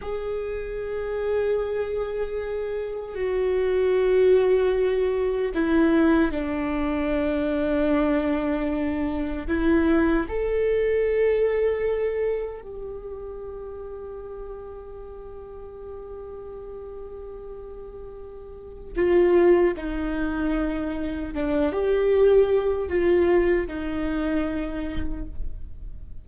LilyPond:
\new Staff \with { instrumentName = "viola" } { \time 4/4 \tempo 4 = 76 gis'1 | fis'2. e'4 | d'1 | e'4 a'2. |
g'1~ | g'1 | f'4 dis'2 d'8 g'8~ | g'4 f'4 dis'2 | }